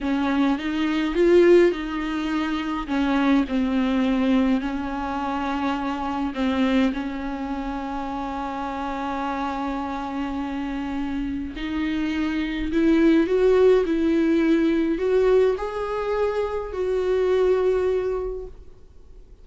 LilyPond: \new Staff \with { instrumentName = "viola" } { \time 4/4 \tempo 4 = 104 cis'4 dis'4 f'4 dis'4~ | dis'4 cis'4 c'2 | cis'2. c'4 | cis'1~ |
cis'1 | dis'2 e'4 fis'4 | e'2 fis'4 gis'4~ | gis'4 fis'2. | }